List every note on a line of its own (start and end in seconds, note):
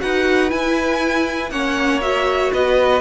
0.00 0.52 D#4
0.00 0.50 F#4
0.00 1.52 B4
0.00 0.51 F#5
0.50 1.51 E4
0.50 1.51 G#5
1.51 2.52 A#3
1.51 2.01 C#4
1.51 2.53 C#5
1.51 2.01 F#5
2.01 3.02 F#4
2.01 2.52 E5
2.53 3.02 B3
2.53 3.02 B4
2.53 3.02 D#5